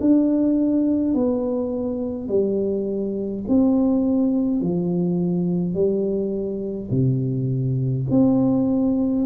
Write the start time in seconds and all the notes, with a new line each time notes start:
0.00 D4
1.14 B3
2.28 G3
3.48 C4
4.60 F3
5.74 G3
6.90 C3
8.10 C4